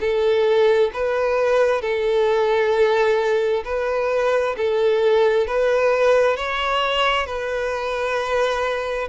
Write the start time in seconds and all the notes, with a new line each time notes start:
0.00 A4
0.93 B4
1.81 A4
3.64 B4
4.57 A4
5.47 B4
6.36 C#5
7.26 B4